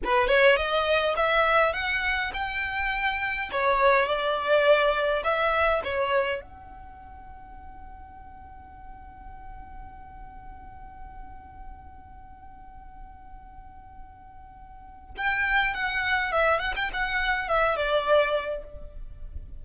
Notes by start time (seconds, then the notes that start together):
0.04 B4
0.27 C#5
0.56 D#5
1.16 E5
1.73 F#5
2.33 G5
3.52 C#5
4.06 D5
5.23 E5
5.84 C#5
6.41 F#5
15.17 G5
15.73 F#5
16.32 E5
16.59 F#5
16.76 G5
16.93 F#5
17.48 E5
17.76 D5